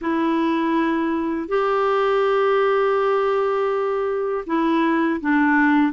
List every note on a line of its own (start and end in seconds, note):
0.01 1.48 E4
1.48 4.44 G4
4.46 5.20 E4
5.21 5.92 D4